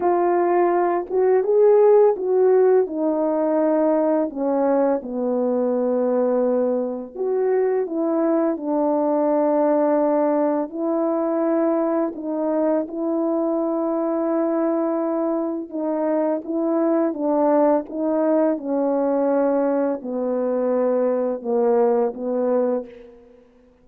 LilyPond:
\new Staff \with { instrumentName = "horn" } { \time 4/4 \tempo 4 = 84 f'4. fis'8 gis'4 fis'4 | dis'2 cis'4 b4~ | b2 fis'4 e'4 | d'2. e'4~ |
e'4 dis'4 e'2~ | e'2 dis'4 e'4 | d'4 dis'4 cis'2 | b2 ais4 b4 | }